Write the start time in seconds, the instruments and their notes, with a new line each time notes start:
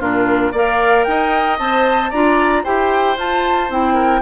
0.00 bassoon A#2, clarinet D4, oboe F4, flute A#4
0.52 bassoon A#3, clarinet A#4, oboe D5, flute F5
1.04 bassoon D#4, oboe D#5, flute G5
1.59 bassoon C4, clarinet C5, flute A5
2.10 bassoon D4, clarinet F4, oboe D5, flute A#5
2.64 bassoon E4, clarinet G4, oboe C5, flute G5
3.17 clarinet F4, bassoon F4, flute A5
3.70 bassoon C4, clarinet E4, flute G5
3.94 oboe A#4